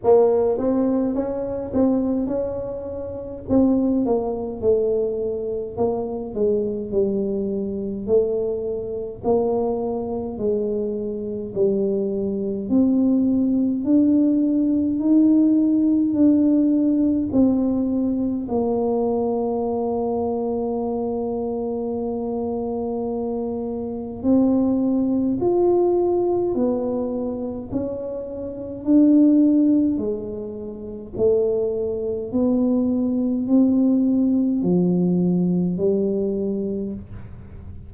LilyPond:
\new Staff \with { instrumentName = "tuba" } { \time 4/4 \tempo 4 = 52 ais8 c'8 cis'8 c'8 cis'4 c'8 ais8 | a4 ais8 gis8 g4 a4 | ais4 gis4 g4 c'4 | d'4 dis'4 d'4 c'4 |
ais1~ | ais4 c'4 f'4 b4 | cis'4 d'4 gis4 a4 | b4 c'4 f4 g4 | }